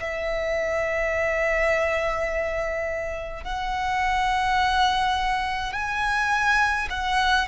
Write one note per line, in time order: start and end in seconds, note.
0.00 3.44 E5
3.44 5.73 F#5
5.73 6.88 G#5
6.90 7.47 F#5